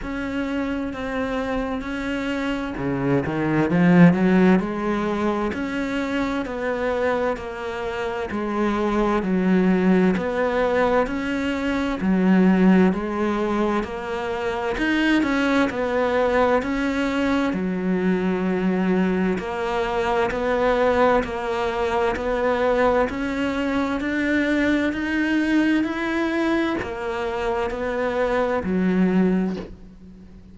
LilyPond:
\new Staff \with { instrumentName = "cello" } { \time 4/4 \tempo 4 = 65 cis'4 c'4 cis'4 cis8 dis8 | f8 fis8 gis4 cis'4 b4 | ais4 gis4 fis4 b4 | cis'4 fis4 gis4 ais4 |
dis'8 cis'8 b4 cis'4 fis4~ | fis4 ais4 b4 ais4 | b4 cis'4 d'4 dis'4 | e'4 ais4 b4 fis4 | }